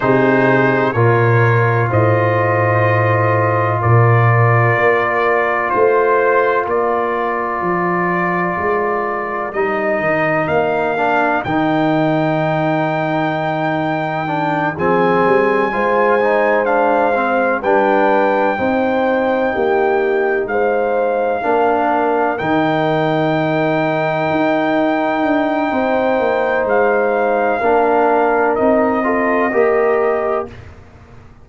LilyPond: <<
  \new Staff \with { instrumentName = "trumpet" } { \time 4/4 \tempo 4 = 63 c''4 cis''4 dis''2 | d''2 c''4 d''4~ | d''2 dis''4 f''4 | g''2.~ g''8 gis''8~ |
gis''4. f''4 g''4.~ | g''4. f''2 g''8~ | g''1 | f''2 dis''2 | }
  \new Staff \with { instrumentName = "horn" } { \time 4/4 gis'4 ais'4 c''2 | ais'2 c''4 ais'4~ | ais'1~ | ais'2.~ ais'8 gis'8~ |
gis'8 c''2 b'4 c''8~ | c''8 g'4 c''4 ais'4.~ | ais'2. c''4~ | c''4 ais'4. a'8 ais'4 | }
  \new Staff \with { instrumentName = "trombone" } { \time 4/4 dis'4 f'2.~ | f'1~ | f'2 dis'4. d'8 | dis'2. d'8 c'8~ |
c'8 f'8 dis'8 d'8 c'8 d'4 dis'8~ | dis'2~ dis'8 d'4 dis'8~ | dis'1~ | dis'4 d'4 dis'8 f'8 g'4 | }
  \new Staff \with { instrumentName = "tuba" } { \time 4/4 c4 ais,4 a,2 | ais,4 ais4 a4 ais4 | f4 gis4 g8 dis8 ais4 | dis2.~ dis8 f8 |
g8 gis2 g4 c'8~ | c'8 ais4 gis4 ais4 dis8~ | dis4. dis'4 d'8 c'8 ais8 | gis4 ais4 c'4 ais4 | }
>>